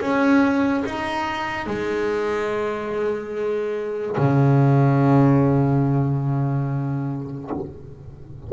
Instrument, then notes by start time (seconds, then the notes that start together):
double bass
0.00 C#4
0.85 D#4
1.66 G#3
4.17 C#3